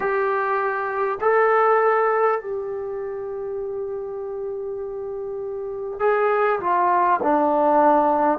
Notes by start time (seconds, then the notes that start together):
0.00 G4
1.21 A4
2.40 G4
5.99 G#4
6.59 F4
7.22 D4